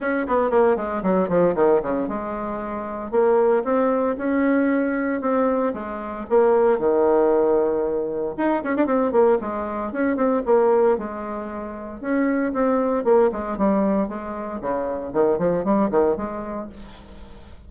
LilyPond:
\new Staff \with { instrumentName = "bassoon" } { \time 4/4 \tempo 4 = 115 cis'8 b8 ais8 gis8 fis8 f8 dis8 cis8 | gis2 ais4 c'4 | cis'2 c'4 gis4 | ais4 dis2. |
dis'8 cis'16 d'16 c'8 ais8 gis4 cis'8 c'8 | ais4 gis2 cis'4 | c'4 ais8 gis8 g4 gis4 | cis4 dis8 f8 g8 dis8 gis4 | }